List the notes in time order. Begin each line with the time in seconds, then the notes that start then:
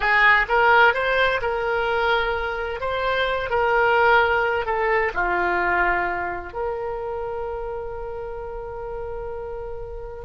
0.00 G#4
0.48 A#4
0.94 C5
1.41 A#4
2.80 C5
3.50 A#4
4.65 A4
5.14 F4
6.53 A#4